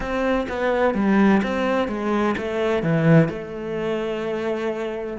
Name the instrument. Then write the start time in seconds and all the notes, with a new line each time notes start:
cello
0.00 C4
0.49 B3
0.94 G3
1.42 C4
1.88 G#3
2.37 A3
2.82 E3
3.28 A3